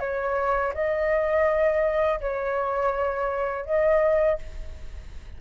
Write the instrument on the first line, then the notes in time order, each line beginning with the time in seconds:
flute
0.00 C#5
0.75 D#5
2.21 C#5
3.66 D#5